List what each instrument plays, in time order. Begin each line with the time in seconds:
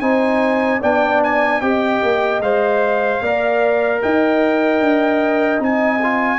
0.00 tuba C4, trombone D#4, horn C5, trumpet G#5
0.80 tuba B3, trombone D4, horn D5, trumpet G5
1.24 trumpet G#5
1.61 tuba C4, trombone G4, horn D#5, trumpet G5
2.02 tuba A#3
2.40 tuba G#3, trombone C5, trumpet F5
3.21 tuba A#3, trombone A#4, horn D5
4.02 tuba D#4, horn D#5, trumpet G5
4.80 tuba D4
5.59 tuba C4, trombone D#4, trumpet G#5
6.03 trombone F4